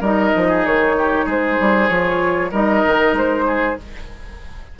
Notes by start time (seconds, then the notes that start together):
0.00 G3 D#4 A#4 D#5
0.36 F3
0.49 G#4
0.65 D#3 C#5
0.98 G4
1.26 G#3 G#4 C5
1.60 G3
1.88 F3 F4 C#5
2.51 G3 D#4 A#4 D#5
2.87 D#3
3.13 G#3 C5
3.46 G#4